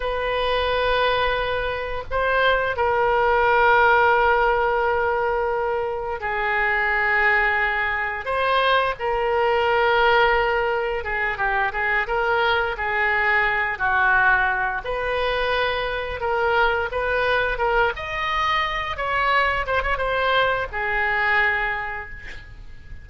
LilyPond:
\new Staff \with { instrumentName = "oboe" } { \time 4/4 \tempo 4 = 87 b'2. c''4 | ais'1~ | ais'4 gis'2. | c''4 ais'2. |
gis'8 g'8 gis'8 ais'4 gis'4. | fis'4. b'2 ais'8~ | ais'8 b'4 ais'8 dis''4. cis''8~ | cis''8 c''16 cis''16 c''4 gis'2 | }